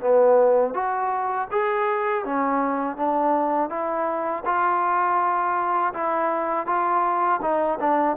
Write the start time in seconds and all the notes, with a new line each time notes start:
0.00 B3
0.73 F#4
1.51 G#4
2.24 C#4
2.96 D4
3.69 E4
4.45 F4
5.93 E4
6.66 F4
7.41 D#4
7.79 D4